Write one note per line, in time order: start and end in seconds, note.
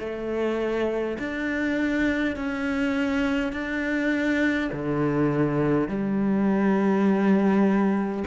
0.00 1.18 A3
1.19 2.36 D4
2.36 3.52 C#4
3.52 4.70 D4
4.72 5.89 D3
5.89 8.24 G3